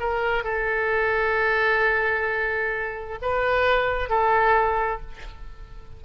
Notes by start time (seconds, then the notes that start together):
0.00 A#4
0.44 A4
3.22 B4
4.10 A4